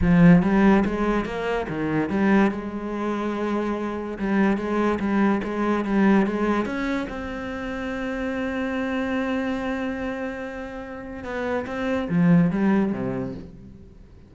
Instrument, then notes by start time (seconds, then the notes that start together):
cello
0.01 F3
0.42 G3
0.85 G#3
1.25 A#3
1.68 D#3
2.09 G3
2.51 G#3
4.18 G3
4.57 G#3
4.99 G3
5.43 G#3
5.84 G3
6.26 G#3
6.65 C#4
7.09 C4
11.24 B3
11.66 C4
12.09 F3
12.50 G3
12.92 C3